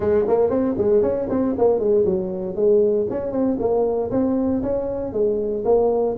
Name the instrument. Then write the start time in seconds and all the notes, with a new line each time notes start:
tuba
0.00 G#3
0.27 A#3
0.49 C4
0.77 G#3
1.02 C#4
1.29 C4
1.58 A#3
1.79 G#3
2.05 F#3
2.55 G#3
3.10 C#4
3.31 C4
3.59 A#3
4.10 C4
4.62 C#4
5.13 G#3
5.65 A#3